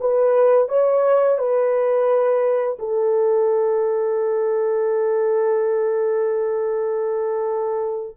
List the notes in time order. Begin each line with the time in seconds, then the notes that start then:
0.00 B4
0.68 C#5
1.38 B4
2.79 A4